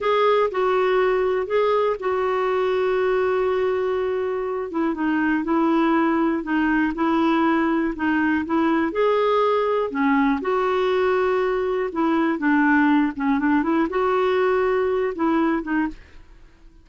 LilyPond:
\new Staff \with { instrumentName = "clarinet" } { \time 4/4 \tempo 4 = 121 gis'4 fis'2 gis'4 | fis'1~ | fis'4. e'8 dis'4 e'4~ | e'4 dis'4 e'2 |
dis'4 e'4 gis'2 | cis'4 fis'2. | e'4 d'4. cis'8 d'8 e'8 | fis'2~ fis'8 e'4 dis'8 | }